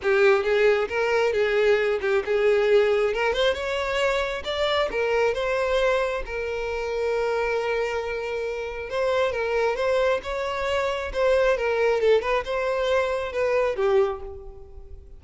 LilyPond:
\new Staff \with { instrumentName = "violin" } { \time 4/4 \tempo 4 = 135 g'4 gis'4 ais'4 gis'4~ | gis'8 g'8 gis'2 ais'8 c''8 | cis''2 d''4 ais'4 | c''2 ais'2~ |
ais'1 | c''4 ais'4 c''4 cis''4~ | cis''4 c''4 ais'4 a'8 b'8 | c''2 b'4 g'4 | }